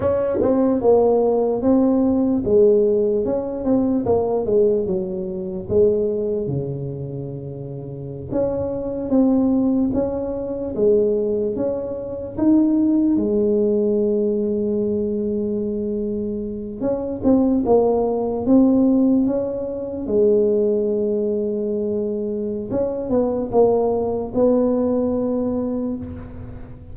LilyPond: \new Staff \with { instrumentName = "tuba" } { \time 4/4 \tempo 4 = 74 cis'8 c'8 ais4 c'4 gis4 | cis'8 c'8 ais8 gis8 fis4 gis4 | cis2~ cis16 cis'4 c'8.~ | c'16 cis'4 gis4 cis'4 dis'8.~ |
dis'16 gis2.~ gis8.~ | gis8. cis'8 c'8 ais4 c'4 cis'16~ | cis'8. gis2.~ gis16 | cis'8 b8 ais4 b2 | }